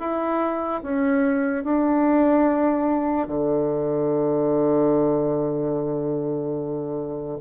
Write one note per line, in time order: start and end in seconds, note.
0.00 0.82 E4
0.83 1.64 C#4
1.64 3.28 D4
3.28 7.39 D3